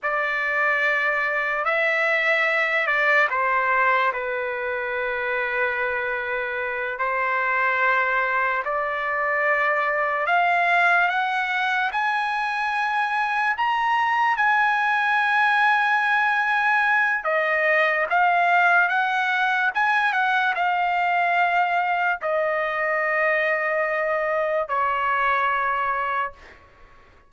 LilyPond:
\new Staff \with { instrumentName = "trumpet" } { \time 4/4 \tempo 4 = 73 d''2 e''4. d''8 | c''4 b'2.~ | b'8 c''2 d''4.~ | d''8 f''4 fis''4 gis''4.~ |
gis''8 ais''4 gis''2~ gis''8~ | gis''4 dis''4 f''4 fis''4 | gis''8 fis''8 f''2 dis''4~ | dis''2 cis''2 | }